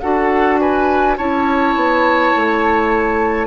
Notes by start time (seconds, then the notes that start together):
0.00 D4 F#4 A4 F#5
0.60 B4 G#5
1.17 C#4 E4 C#5 A5
1.75 B3
2.35 A3